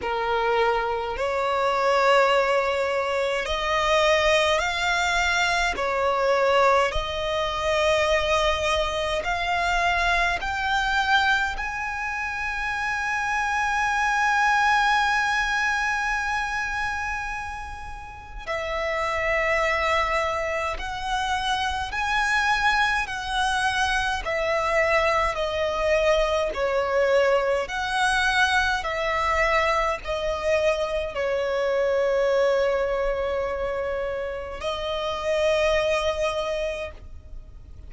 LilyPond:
\new Staff \with { instrumentName = "violin" } { \time 4/4 \tempo 4 = 52 ais'4 cis''2 dis''4 | f''4 cis''4 dis''2 | f''4 g''4 gis''2~ | gis''1 |
e''2 fis''4 gis''4 | fis''4 e''4 dis''4 cis''4 | fis''4 e''4 dis''4 cis''4~ | cis''2 dis''2 | }